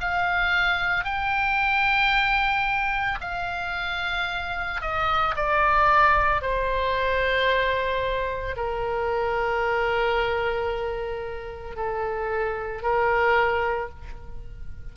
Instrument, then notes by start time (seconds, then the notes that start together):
oboe
0.00 F5
1.04 G5
3.21 F5
4.81 D#5
5.36 D5
6.41 C5
8.56 A#4
11.76 A4
12.82 A#4